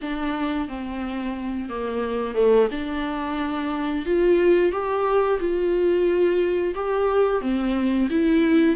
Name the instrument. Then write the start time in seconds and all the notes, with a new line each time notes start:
viola
0.01 D4
0.68 C4
1.69 A#3
2.34 A3
2.71 D4
4.05 F4
4.72 G4
5.39 F4
6.74 G4
7.41 C4
8.10 E4